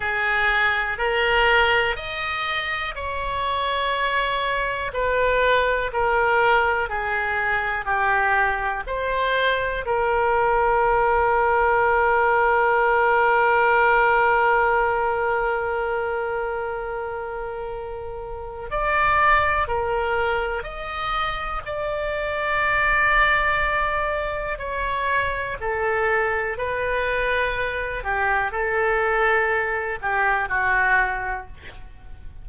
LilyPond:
\new Staff \with { instrumentName = "oboe" } { \time 4/4 \tempo 4 = 61 gis'4 ais'4 dis''4 cis''4~ | cis''4 b'4 ais'4 gis'4 | g'4 c''4 ais'2~ | ais'1~ |
ais'2. d''4 | ais'4 dis''4 d''2~ | d''4 cis''4 a'4 b'4~ | b'8 g'8 a'4. g'8 fis'4 | }